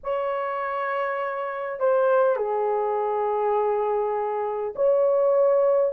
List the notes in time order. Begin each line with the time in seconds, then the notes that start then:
0.03 C#5
1.79 C5
2.36 G#4
4.75 C#5